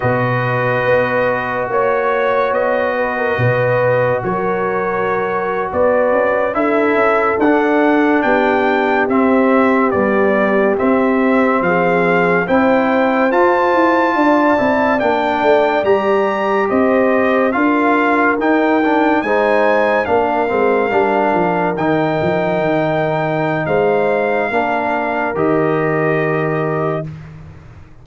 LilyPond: <<
  \new Staff \with { instrumentName = "trumpet" } { \time 4/4 \tempo 4 = 71 dis''2 cis''4 dis''4~ | dis''4 cis''4.~ cis''16 d''4 e''16~ | e''8. fis''4 g''4 e''4 d''16~ | d''8. e''4 f''4 g''4 a''16~ |
a''4.~ a''16 g''4 ais''4 dis''16~ | dis''8. f''4 g''4 gis''4 f''16~ | f''4.~ f''16 g''2~ g''16 | f''2 dis''2 | }
  \new Staff \with { instrumentName = "horn" } { \time 4/4 b'2 cis''4. b'16 ais'16 | b'4 ais'4.~ ais'16 b'4 a'16~ | a'4.~ a'16 g'2~ g'16~ | g'4.~ g'16 gis'4 c''4~ c''16~ |
c''8. d''2. c''16~ | c''8. ais'2 c''4 ais'16~ | ais'1 | c''4 ais'2. | }
  \new Staff \with { instrumentName = "trombone" } { \time 4/4 fis'1~ | fis'2.~ fis'8. e'16~ | e'8. d'2 c'4 g16~ | g8. c'2 e'4 f'16~ |
f'4~ f'16 e'8 d'4 g'4~ g'16~ | g'8. f'4 dis'8 d'8 dis'4 d'16~ | d'16 c'8 d'4 dis'2~ dis'16~ | dis'4 d'4 g'2 | }
  \new Staff \with { instrumentName = "tuba" } { \time 4/4 b,4 b4 ais4 b4 | b,4 fis4.~ fis16 b8 cis'8 d'16~ | d'16 cis'8 d'4 b4 c'4 b16~ | b8. c'4 f4 c'4 f'16~ |
f'16 e'8 d'8 c'8 ais8 a8 g4 c'16~ | c'8. d'4 dis'4 gis4 ais16~ | ais16 gis8 g8 f8 dis8 f8 dis4~ dis16 | gis4 ais4 dis2 | }
>>